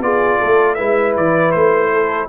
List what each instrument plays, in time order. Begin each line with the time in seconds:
0.00 tuba B3, trombone F4, horn G#4, trumpet D5
0.40 tuba A3, horn A4
0.75 tuba G#3, trombone E4, horn B4, trumpet E5
1.17 tuba E3, trumpet D5
1.52 tuba A3, trumpet C5
1.93 horn A4